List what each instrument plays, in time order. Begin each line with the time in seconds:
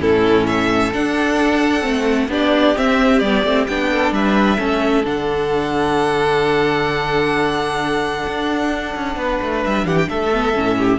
0.00 cello A2, viola C#4, violin E4 A4
0.46 violin A4 E5
0.93 viola D4, cello D4, violin F#5
1.82 cello A3, viola C4
2.28 cello B3, viola D4, violin G4 D5
2.76 viola C4, cello C4, violin E5
3.19 cello G3, viola B3, violin D5
3.44 cello A3, viola C4
3.67 cello B3, viola D4, violin G5
3.91 violin A4
4.12 cello G3, violin B4 E5
4.58 cello A3, viola C#4, violin A4
5.05 cello D3, viola D4, violin F#5
8.27 cello D4
8.96 cello C#4
9.17 cello B3, violin B4
9.42 cello A3
9.64 cello G3, violin E5
9.85 cello E3, violin G4 F#5
9.97 violin G5
10.09 cello A3, violin A4 E5
10.33 viola B3
10.55 cello A2, viola C#4
10.78 violin G4